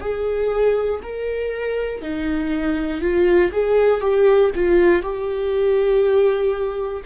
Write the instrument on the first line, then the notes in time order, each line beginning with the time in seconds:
viola
0.00 G#4
1.02 A#4
2.02 D#4
3.01 F4
3.51 G#4
4.01 G4
4.55 F4
5.02 G4